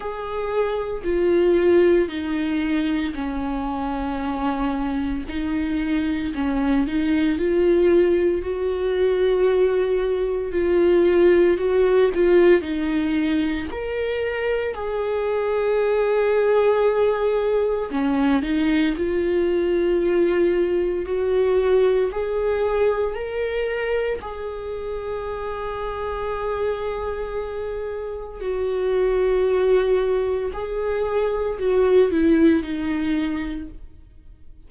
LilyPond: \new Staff \with { instrumentName = "viola" } { \time 4/4 \tempo 4 = 57 gis'4 f'4 dis'4 cis'4~ | cis'4 dis'4 cis'8 dis'8 f'4 | fis'2 f'4 fis'8 f'8 | dis'4 ais'4 gis'2~ |
gis'4 cis'8 dis'8 f'2 | fis'4 gis'4 ais'4 gis'4~ | gis'2. fis'4~ | fis'4 gis'4 fis'8 e'8 dis'4 | }